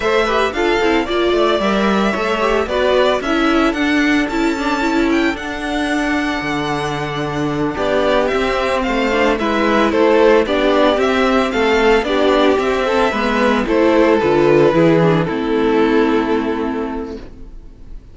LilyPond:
<<
  \new Staff \with { instrumentName = "violin" } { \time 4/4 \tempo 4 = 112 e''4 f''4 d''4 e''4~ | e''4 d''4 e''4 fis''4 | a''4. g''8 fis''2~ | fis''2~ fis''8 d''4 e''8~ |
e''8 f''4 e''4 c''4 d''8~ | d''8 e''4 f''4 d''4 e''8~ | e''4. c''4 b'4.~ | b'8 a'2.~ a'8 | }
  \new Staff \with { instrumentName = "violin" } { \time 4/4 c''8 b'8 a'4 d''2 | cis''4 b'4 a'2~ | a'1~ | a'2~ a'8 g'4.~ |
g'8 c''4 b'4 a'4 g'8~ | g'4. a'4 g'4. | a'8 b'4 a'2 gis'8~ | gis'8 e'2.~ e'8 | }
  \new Staff \with { instrumentName = "viola" } { \time 4/4 a'8 g'8 f'8 e'8 f'4 ais'4 | a'8 g'8 fis'4 e'4 d'4 | e'8 d'8 e'4 d'2~ | d'2.~ d'8 c'8~ |
c'4 d'8 e'2 d'8~ | d'8 c'2 d'4 c'8~ | c'8 b4 e'4 f'4 e'8 | d'8 c'2.~ c'8 | }
  \new Staff \with { instrumentName = "cello" } { \time 4/4 a4 d'8 c'8 ais8 a8 g4 | a4 b4 cis'4 d'4 | cis'2 d'2 | d2~ d8 b4 c'8~ |
c'8 a4 gis4 a4 b8~ | b8 c'4 a4 b4 c'8~ | c'8 gis4 a4 d4 e8~ | e8 a2.~ a8 | }
>>